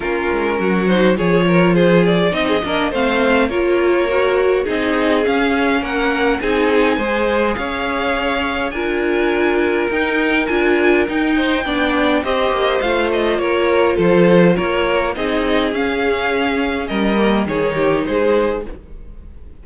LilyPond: <<
  \new Staff \with { instrumentName = "violin" } { \time 4/4 \tempo 4 = 103 ais'4. c''8 cis''4 c''8 d''8 | dis''4 f''4 cis''2 | dis''4 f''4 fis''4 gis''4~ | gis''4 f''2 gis''4~ |
gis''4 g''4 gis''4 g''4~ | g''4 dis''4 f''8 dis''8 cis''4 | c''4 cis''4 dis''4 f''4~ | f''4 dis''4 cis''4 c''4 | }
  \new Staff \with { instrumentName = "violin" } { \time 4/4 f'4 fis'4 gis'8 ais'8 gis'4 | dis''16 gis'16 ais'8 c''4 ais'2 | gis'2 ais'4 gis'4 | c''4 cis''2 ais'4~ |
ais'2.~ ais'8 c''8 | d''4 c''2 ais'4 | a'4 ais'4 gis'2~ | gis'4 ais'4 gis'8 g'8 gis'4 | }
  \new Staff \with { instrumentName = "viola" } { \time 4/4 cis'4. dis'8 f'2 | dis'8 d'8 c'4 f'4 fis'4 | dis'4 cis'2 dis'4 | gis'2. f'4~ |
f'4 dis'4 f'4 dis'4 | d'4 g'4 f'2~ | f'2 dis'4 cis'4~ | cis'4. ais8 dis'2 | }
  \new Staff \with { instrumentName = "cello" } { \time 4/4 ais8 gis8 fis4 f2 | c'8 ais8 a4 ais2 | c'4 cis'4 ais4 c'4 | gis4 cis'2 d'4~ |
d'4 dis'4 d'4 dis'4 | b4 c'8 ais8 a4 ais4 | f4 ais4 c'4 cis'4~ | cis'4 g4 dis4 gis4 | }
>>